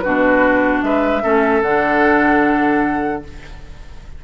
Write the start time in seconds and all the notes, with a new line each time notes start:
0.00 B2 D4 F#4 B4
0.82 G#3 B4 E5
1.22 A3 C#4 A4
1.62 D3 D4 F#5